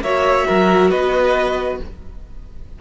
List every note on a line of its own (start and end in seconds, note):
0.00 0.44 A#3
0.00 1.81 F#4
0.00 0.47 C#5
0.00 0.90 E5
0.47 0.91 F#3
0.47 0.90 A#4
0.90 1.79 B3
0.90 1.78 B4
0.90 1.78 D#5